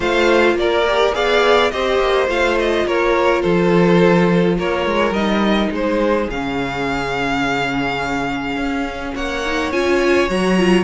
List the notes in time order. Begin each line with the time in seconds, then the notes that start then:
0.00 A3 F4 C5 F5
0.54 A#3 D5
0.60 A#4
0.87 G4
1.12 B3 G#4 D5 F5
1.70 C4 G4 C5 D#5
1.99 A#3
2.27 A3 F4 F5
2.58 D#5
2.85 A#3 A#4 C#5
3.42 F3 A4 C5
4.58 A#3 A#4 C#5
4.85 G#3
5.10 G3 D#4 D#5
5.71 G#3 G#4 C5
6.30 C#3 C#4 F5
8.56 C#4
9.14 A#3 C#5 F#5
9.46 D#4
9.71 C#4 F4 G#5
10.28 F#3 F#4 A#5
10.58 F4